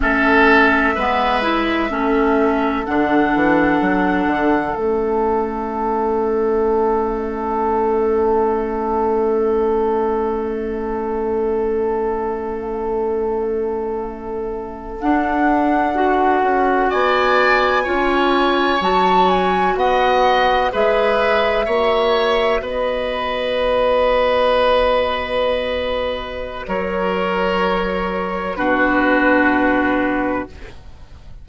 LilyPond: <<
  \new Staff \with { instrumentName = "flute" } { \time 4/4 \tempo 4 = 63 e''2. fis''4~ | fis''4 e''2.~ | e''1~ | e''2.~ e''8. fis''16~ |
fis''4.~ fis''16 gis''2 a''16~ | a''16 gis''8 fis''4 e''2 dis''16~ | dis''1 | cis''2 b'2 | }
  \new Staff \with { instrumentName = "oboe" } { \time 4/4 a'4 b'4 a'2~ | a'1~ | a'1~ | a'1~ |
a'4.~ a'16 d''4 cis''4~ cis''16~ | cis''8. dis''4 b'4 cis''4 b'16~ | b'1 | ais'2 fis'2 | }
  \new Staff \with { instrumentName = "clarinet" } { \time 4/4 cis'4 b8 e'8 cis'4 d'4~ | d'4 cis'2.~ | cis'1~ | cis'2.~ cis'8. d'16~ |
d'8. fis'2 f'4 fis'16~ | fis'4.~ fis'16 gis'4 fis'4~ fis'16~ | fis'1~ | fis'2 d'2 | }
  \new Staff \with { instrumentName = "bassoon" } { \time 4/4 a4 gis4 a4 d8 e8 | fis8 d8 a2.~ | a1~ | a2.~ a8. d'16~ |
d'4~ d'16 cis'8 b4 cis'4 fis16~ | fis8. b4 gis4 ais4 b16~ | b1 | fis2 b,2 | }
>>